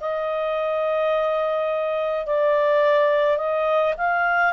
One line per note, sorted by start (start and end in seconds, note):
0.00 2.26 D#5
2.26 3.37 D5
3.37 3.94 D#5
3.97 4.53 F5